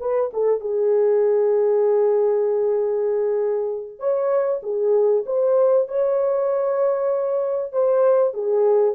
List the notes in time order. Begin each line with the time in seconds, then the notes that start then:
0.00 B4
0.33 A4
0.60 G#4
3.99 C#5
4.63 G#4
5.26 C5
5.88 C#5
7.72 C5
8.33 G#4